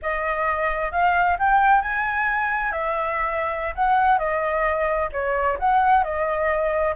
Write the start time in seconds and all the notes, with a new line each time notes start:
0.02 D#5
0.91 F5
1.38 G5
1.81 G#5
2.72 E5
3.75 F#5
4.18 D#5
5.12 C#5
5.59 F#5
6.03 D#5